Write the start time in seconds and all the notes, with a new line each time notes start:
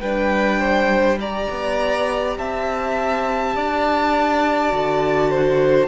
0.00 G3 D4 B4 G5
0.59 C5
1.19 G4 D5 A#5
1.50 B3
2.37 C4 E5 A5
3.55 D4 D5
4.69 D3 F#4
5.30 C5